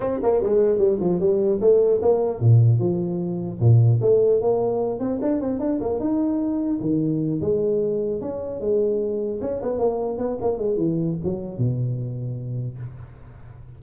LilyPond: \new Staff \with { instrumentName = "tuba" } { \time 4/4 \tempo 4 = 150 c'8 ais8 gis4 g8 f8 g4 | a4 ais4 ais,4 f4~ | f4 ais,4 a4 ais4~ | ais8 c'8 d'8 c'8 d'8 ais8 dis'4~ |
dis'4 dis4. gis4.~ | gis8 cis'4 gis2 cis'8 | b8 ais4 b8 ais8 gis8 e4 | fis4 b,2. | }